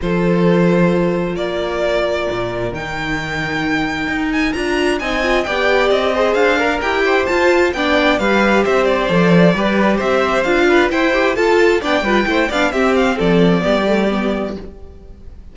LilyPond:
<<
  \new Staff \with { instrumentName = "violin" } { \time 4/4 \tempo 4 = 132 c''2. d''4~ | d''2 g''2~ | g''4. gis''8 ais''4 gis''4 | g''4 dis''4 f''4 g''4 |
a''4 g''4 f''4 e''8 d''8~ | d''2 e''4 f''4 | g''4 a''4 g''4. f''8 | e''8 f''8 d''2. | }
  \new Staff \with { instrumentName = "violin" } { \time 4/4 a'2. ais'4~ | ais'1~ | ais'2. dis''4 | d''4. c''4 ais'4 c''8~ |
c''4 d''4 b'4 c''4~ | c''4 b'4 c''4. b'8 | c''4 a'4 d''8 b'8 c''8 d''8 | g'4 a'4 g'2 | }
  \new Staff \with { instrumentName = "viola" } { \time 4/4 f'1~ | f'2 dis'2~ | dis'2 f'4 dis'8 f'8 | g'4. gis'4 ais'8 g'4 |
f'4 d'4 g'2 | a'4 g'2 f'4 | e'8 g'8 f'4 d'8 f'8 e'8 d'8 | c'2 b8 a8 b4 | }
  \new Staff \with { instrumentName = "cello" } { \time 4/4 f2. ais4~ | ais4 ais,4 dis2~ | dis4 dis'4 d'4 c'4 | b4 c'4 d'4 e'4 |
f'4 b4 g4 c'4 | f4 g4 c'4 d'4 | e'4 f'4 b8 g8 a8 b8 | c'4 f4 g2 | }
>>